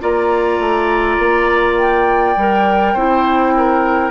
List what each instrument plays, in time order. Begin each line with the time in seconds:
0.00 bassoon A#3, clarinet F4, oboe D5, flute A#5
0.59 bassoon A3
1.18 bassoon A#3
1.77 flute G5
2.36 bassoon G3, clarinet A#4
2.93 bassoon C4, clarinet E4, oboe C5
3.56 oboe A#4